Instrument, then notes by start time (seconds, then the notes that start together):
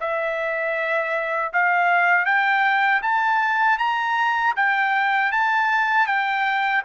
trumpet
0.00 E5
1.53 F5
2.25 G5
3.02 A5
3.78 A#5
4.56 G5
5.32 A5
6.07 G5